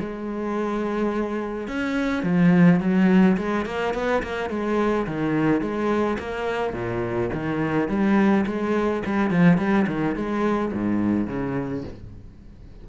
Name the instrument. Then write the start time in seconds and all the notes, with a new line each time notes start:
cello
0.00 G#3
1.68 C#4
2.24 F3
2.80 F#3
3.38 G#3
3.66 A#3
3.94 B3
4.23 A#3
4.50 G#3
5.07 D#3
5.62 G#3
6.19 A#3
6.74 A#2
7.33 D#3
7.89 G3
8.47 G#3
9.06 G3
9.31 F3
9.58 G3
9.88 D#3
10.16 G#3
10.73 G#2
11.28 C#3